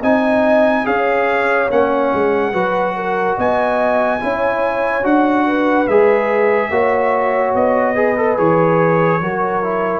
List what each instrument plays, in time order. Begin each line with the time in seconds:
0.00 tuba C4, trombone D#4, horn D#5, trumpet G#5
0.84 tuba C#4, trombone G#4, horn C#5, trumpet F5
1.69 tuba A#3, trombone C#4, trumpet F#5
2.13 tuba G#3
2.52 tuba F#3, trombone F#4, horn B4
2.96 horn A#4
3.37 tuba B3, horn D#5, trumpet G#5
4.20 tuba C#4, trombone E4, horn C#5
5.03 tuba D4, trombone F#4, trumpet F#5
5.46 horn B4
5.87 tuba G#3, trombone G#4, trumpet E5
6.70 tuba A#3, trombone F#4, horn C#5
7.55 tuba B3, trumpet D#5
7.95 trombone G#4, horn B4
8.16 trombone A4
8.37 tuba E3, trombone G#4, trumpet C#5
9.20 tuba F#3, trombone F#4, horn A#4
9.63 trombone E4